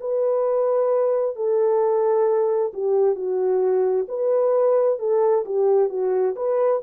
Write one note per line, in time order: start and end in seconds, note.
0.00 1.36 B4
1.36 2.72 A4
2.73 3.15 G4
3.15 4.06 F#4
4.08 4.99 B4
4.99 5.45 A4
5.45 5.89 G4
5.89 6.35 F#4
6.36 6.81 B4